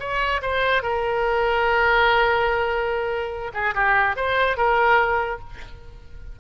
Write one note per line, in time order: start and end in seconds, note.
0.00 0.41 C#5
0.42 0.83 C5
0.83 3.52 A#4
3.54 3.75 G#4
3.75 4.16 G4
4.16 4.57 C5
4.57 5.40 A#4